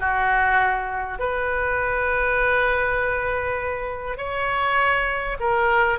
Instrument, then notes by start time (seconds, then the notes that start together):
oboe
0.00 F#4
1.19 B4
4.18 C#5
5.40 A#4